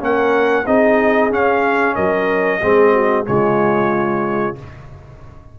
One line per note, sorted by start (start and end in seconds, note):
0.00 0.66 A#3
0.00 0.65 C#4
0.00 0.66 A#4
0.00 0.67 F#5
0.66 1.31 C4
0.66 1.31 D#4
0.66 1.96 G#4
0.66 1.32 D#5
1.31 2.61 C#4
1.31 1.96 C#4
1.31 1.96 F5
1.96 2.62 F#3
1.96 2.61 A#4
1.96 3.26 D#5
2.62 3.28 G#3
2.62 3.26 C4
2.62 2.93 G#4
2.93 3.26 F#4
3.26 4.59 C#3
3.26 4.56 G#3
3.26 4.59 F4
3.26 4.57 C#5